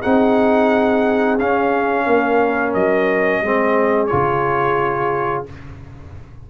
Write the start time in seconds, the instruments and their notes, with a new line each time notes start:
0.00 tuba C4, trombone D#4, horn G#4, trumpet F#5
1.39 tuba C#4, trombone C#4, trumpet F5
2.06 tuba A#3, horn A#4
2.74 tuba F#3, trumpet D#5
3.42 tuba G#3, trombone C4, horn G#4
4.07 tuba C#3, trombone F4, trumpet C#5